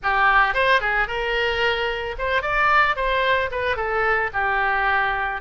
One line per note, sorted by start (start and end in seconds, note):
0.02 0.54 G4
0.54 0.80 C5
0.80 1.07 G#4
1.07 2.15 A#4
2.18 2.42 C5
2.42 2.96 D5
2.96 3.50 C5
3.51 3.76 B4
3.76 4.30 A4
4.33 5.41 G4